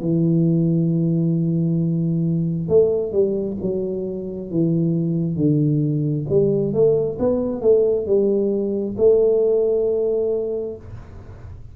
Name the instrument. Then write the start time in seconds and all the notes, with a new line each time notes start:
tuba
0.00 E3
2.68 A3
3.12 G3
3.61 F#3
4.50 E3
5.36 D3
6.29 G3
6.73 A3
7.18 B3
7.61 A3
8.06 G3
8.97 A3